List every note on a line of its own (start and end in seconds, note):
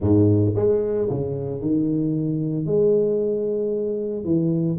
0.00 0.54 G#2
0.55 1.08 G#3
1.09 1.61 C#3
1.61 2.66 D#3
2.66 4.24 G#3
4.24 4.77 E3